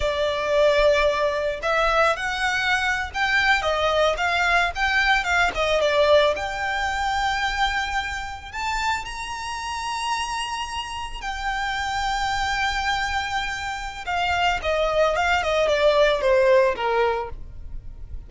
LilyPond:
\new Staff \with { instrumentName = "violin" } { \time 4/4 \tempo 4 = 111 d''2. e''4 | fis''4.~ fis''16 g''4 dis''4 f''16~ | f''8. g''4 f''8 dis''8 d''4 g''16~ | g''2.~ g''8. a''16~ |
a''8. ais''2.~ ais''16~ | ais''8. g''2.~ g''16~ | g''2 f''4 dis''4 | f''8 dis''8 d''4 c''4 ais'4 | }